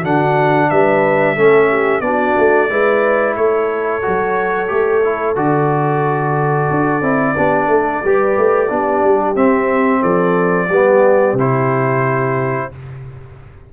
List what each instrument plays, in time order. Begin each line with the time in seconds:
0.00 tuba D3, trombone D4, horn F#4, trumpet F#5
0.70 tuba G3, horn B4, trumpet E5
1.35 tuba A3, trombone C#4, horn A4
1.69 horn G4
2.01 tuba B3, trombone D4, horn F#4, trumpet D5
2.38 tuba A3
2.70 tuba G#3, trombone E4, horn B4
3.36 tuba A3, horn A4, trumpet C#5
4.02 tuba F#3, trombone F#4
4.68 tuba A3, trombone G4
5.04 trombone E4
5.36 tuba D3, trombone F#4, trumpet D5
6.71 tuba D4
7.02 tuba C4, trombone E4
7.36 tuba B3, trombone D4, horn G4
7.68 tuba A3, horn A4
8.04 tuba G3, trombone G4, horn B4
8.38 tuba A3
8.70 tuba B3, trombone D4, horn G4
9.04 tuba G3
9.35 trombone C4, tuba C4, trumpet E5
10.02 tuba F3, horn A4, trumpet D5
10.70 tuba G3, trombone B3, horn G4
11.33 tuba C3, trombone E4
11.40 trumpet C5